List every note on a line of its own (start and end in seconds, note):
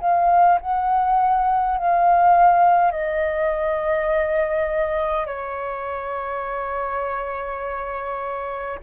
0.00 0.59 F5
0.60 1.78 F#5
1.78 2.91 F5
2.91 5.26 D#5
5.26 8.79 C#5